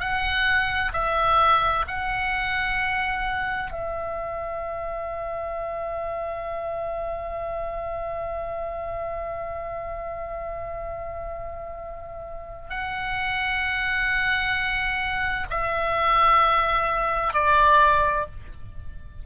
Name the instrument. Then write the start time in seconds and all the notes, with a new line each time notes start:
oboe
0.00 F#5
0.93 E5
1.87 F#5
3.71 E5
12.70 F#5
15.50 E5
17.33 D5